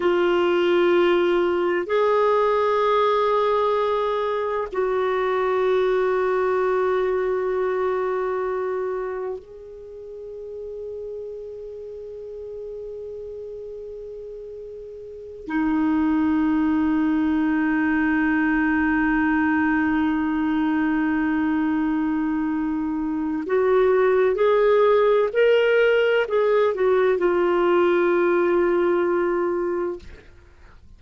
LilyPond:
\new Staff \with { instrumentName = "clarinet" } { \time 4/4 \tempo 4 = 64 f'2 gis'2~ | gis'4 fis'2.~ | fis'2 gis'2~ | gis'1~ |
gis'8 dis'2.~ dis'8~ | dis'1~ | dis'4 fis'4 gis'4 ais'4 | gis'8 fis'8 f'2. | }